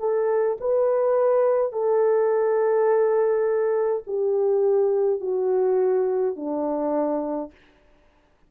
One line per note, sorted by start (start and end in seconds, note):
0.00 0.58 A4
0.61 1.73 B4
1.73 4.04 A4
4.08 5.21 G4
5.21 6.36 F#4
6.36 7.52 D4